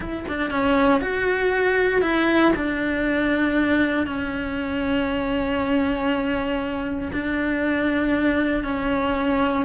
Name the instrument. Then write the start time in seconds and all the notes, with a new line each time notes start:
cello
0.00 E4
0.28 D4
0.50 C#4
1.01 F#4
2.01 E4
2.56 D4
4.06 C#4
7.12 D4
8.63 C#4